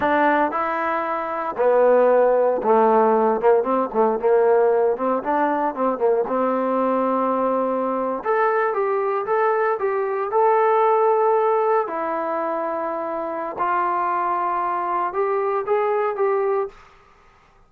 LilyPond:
\new Staff \with { instrumentName = "trombone" } { \time 4/4 \tempo 4 = 115 d'4 e'2 b4~ | b4 a4. ais8 c'8 a8 | ais4. c'8 d'4 c'8 ais8 | c'2.~ c'8. a'16~ |
a'8. g'4 a'4 g'4 a'16~ | a'2~ a'8. e'4~ e'16~ | e'2 f'2~ | f'4 g'4 gis'4 g'4 | }